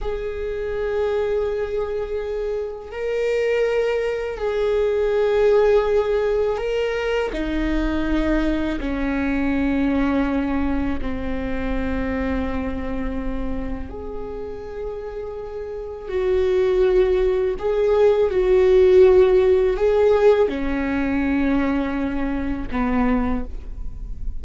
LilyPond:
\new Staff \with { instrumentName = "viola" } { \time 4/4 \tempo 4 = 82 gis'1 | ais'2 gis'2~ | gis'4 ais'4 dis'2 | cis'2. c'4~ |
c'2. gis'4~ | gis'2 fis'2 | gis'4 fis'2 gis'4 | cis'2. b4 | }